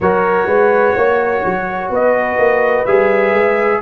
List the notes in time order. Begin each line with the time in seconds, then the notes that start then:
0.00 F#3 F#4 A#4 C#5
0.46 G#3 B4
0.94 A#3 C#5
1.45 F#3
1.90 B3 B4 D#5
2.38 A#3
2.85 G3 G#4 E5
3.33 G#3